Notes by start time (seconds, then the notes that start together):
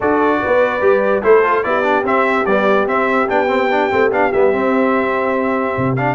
0.00 D4 F#4 A4 D5
0.42 B3 B4
0.81 G3 G4
1.22 A3 E4 A4 C5
1.44 F4
1.63 B3 E4 G4 D5
1.83 D4
2.03 C4 E5
2.45 G3 B3 D5
2.86 C4 E5
3.28 B3 D4 G5
3.47 C4
3.71 D4
3.90 A3 C4
4.11 B3 D4 F5
4.32 G3 B3 E5
4.53 C4
5.77 C3
5.96 D4 F5